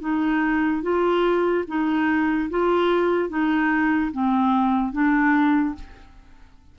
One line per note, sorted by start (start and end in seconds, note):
0.00 0.82 D#4
0.82 1.64 F4
1.67 2.50 D#4
2.50 3.29 F4
3.29 4.11 D#4
4.12 4.92 C4
4.92 5.75 D4